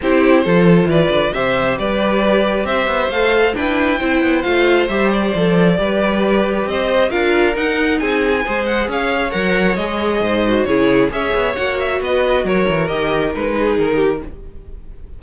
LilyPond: <<
  \new Staff \with { instrumentName = "violin" } { \time 4/4 \tempo 4 = 135 c''2 d''4 e''4 | d''2 e''4 f''4 | g''2 f''4 e''8 d''8~ | d''2. dis''4 |
f''4 fis''4 gis''4. fis''8 | f''4 fis''4 dis''2 | cis''4 e''4 fis''8 e''8 dis''4 | cis''4 dis''4 b'4 ais'4 | }
  \new Staff \with { instrumentName = "violin" } { \time 4/4 g'4 a'4 b'4 c''4 | b'2 c''2 | b'4 c''2.~ | c''4 b'2 c''4 |
ais'2 gis'4 c''4 | cis''2. c''4 | gis'4 cis''2 b'4 | ais'2~ ais'8 gis'4 g'8 | }
  \new Staff \with { instrumentName = "viola" } { \time 4/4 e'4 f'2 g'4~ | g'2. a'4 | d'4 e'4 f'4 g'4 | a'4 g'2. |
f'4 dis'2 gis'4~ | gis'4 ais'4 gis'4. fis'8 | e'4 gis'4 fis'2~ | fis'4 g'4 dis'2 | }
  \new Staff \with { instrumentName = "cello" } { \time 4/4 c'4 f4 e8 d8 c4 | g2 c'8 b8 a4 | e'4 c'8 b8 a4 g4 | f4 g2 c'4 |
d'4 dis'4 c'4 gis4 | cis'4 fis4 gis4 gis,4 | cis4 cis'8 b8 ais4 b4 | fis8 e8 dis4 gis4 dis4 | }
>>